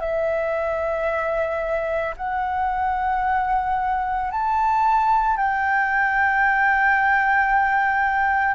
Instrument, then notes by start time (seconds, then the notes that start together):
flute
0.00 E5
2.17 F#5
4.31 A5
5.37 G5